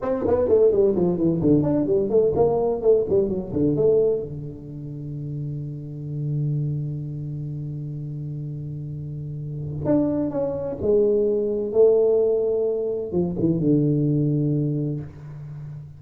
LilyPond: \new Staff \with { instrumentName = "tuba" } { \time 4/4 \tempo 4 = 128 c'8 b8 a8 g8 f8 e8 d8 d'8 | g8 a8 ais4 a8 g8 fis8 d8 | a4 d2.~ | d1~ |
d1~ | d4 d'4 cis'4 gis4~ | gis4 a2. | f8 e8 d2. | }